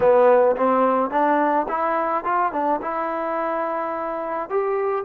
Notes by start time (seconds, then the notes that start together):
0.00 B3
0.56 C4
1.10 D4
1.68 E4
2.24 F4
2.52 D4
2.81 E4
4.49 G4